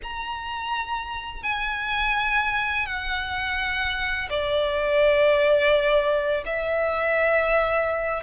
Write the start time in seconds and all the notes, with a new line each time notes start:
0.03 A#5
1.43 G#5
2.86 F#5
4.29 D5
6.45 E5